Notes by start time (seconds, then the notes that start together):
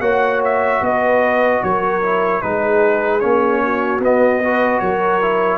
0.00 A#3 F#4 C#5 F#5
0.44 E5
0.81 B3 B4 D#5
1.62 F#3 A#4 C#5
2.02 E4
2.41 G#3 D#4 G#4 B4
3.20 A#3 C#4 C#5
3.63 F#4
3.99 B3 D#5
4.43 F#4 B4
4.79 F#3 A#4 C#5
5.21 E4